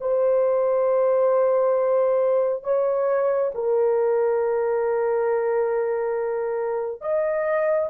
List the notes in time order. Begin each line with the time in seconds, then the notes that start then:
0.00 C5
2.64 C#5
3.54 A#4
7.01 D#5